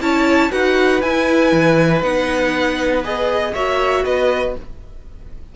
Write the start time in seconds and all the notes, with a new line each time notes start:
0.00 C#4 E4 C#5 A5
0.50 D#4 F#4 B4 F#5
1.01 E4 G#5
1.52 E3
2.02 B3 D#4 F#5
3.03 G#4 D#5
3.53 A#3 F#4 C#5 E5
4.04 B3 B4 D#5